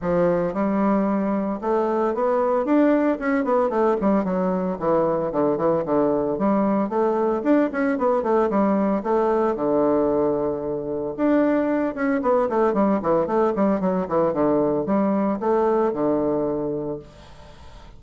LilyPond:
\new Staff \with { instrumentName = "bassoon" } { \time 4/4 \tempo 4 = 113 f4 g2 a4 | b4 d'4 cis'8 b8 a8 g8 | fis4 e4 d8 e8 d4 | g4 a4 d'8 cis'8 b8 a8 |
g4 a4 d2~ | d4 d'4. cis'8 b8 a8 | g8 e8 a8 g8 fis8 e8 d4 | g4 a4 d2 | }